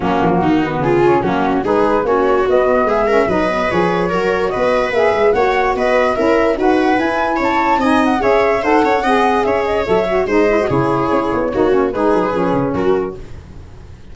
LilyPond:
<<
  \new Staff \with { instrumentName = "flute" } { \time 4/4 \tempo 4 = 146 fis'2 gis'4 fis'4 | b'4 cis''4 dis''4 e''4 | dis''4 cis''2 dis''4 | e''4 fis''4 dis''4 e''4 |
fis''4 gis''4 a''4 gis''8 fis''8 | e''4 fis''2 e''8 dis''8 | e''4 dis''4 cis''2~ | cis''4 b'2 ais'4 | }
  \new Staff \with { instrumentName = "viola" } { \time 4/4 cis'4 dis'4 f'4 cis'4 | gis'4 fis'2 gis'8 ais'8 | b'2 ais'4 b'4~ | b'4 cis''4 b'4 ais'4 |
b'2 cis''4 dis''4 | cis''4 c''8 cis''8 dis''4 cis''4~ | cis''4 c''4 gis'2 | fis'4 gis'2 fis'4 | }
  \new Staff \with { instrumentName = "saxophone" } { \time 4/4 ais4. b4 cis'8 ais4 | dis'4 cis'4 b4. cis'8 | dis'8 b8 gis'4 fis'2 | gis'4 fis'2 e'4 |
fis'4 e'2 dis'4 | gis'4 a'4 gis'2 | a'8 fis'8 dis'8 e'16 fis'16 e'2 | dis'8 cis'8 dis'4 cis'2 | }
  \new Staff \with { instrumentName = "tuba" } { \time 4/4 fis8 f8 dis4 cis4 fis4 | gis4 ais4 b4 gis4 | fis4 f4 fis4 b4 | ais8 gis8 ais4 b4 cis'4 |
dis'4 e'4 cis'4 c'4 | cis'4 dis'8 cis'8 c'4 cis'4 | fis4 gis4 cis4 cis'8 b8 | ais4 gis8 fis8 f8 cis8 fis4 | }
>>